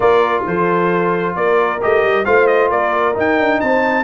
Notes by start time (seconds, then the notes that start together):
0.00 A#3 F4 A#4 D5
0.45 F3 A4 C5
1.35 A#3 A#4 D5
1.81 A3 G4 D#5
2.03 G3
2.24 A3 F4 C5 F5
2.46 D#5
2.69 A#3 A#4 D5
3.14 D#4 G5
3.38 D4
3.60 C4 C5 A5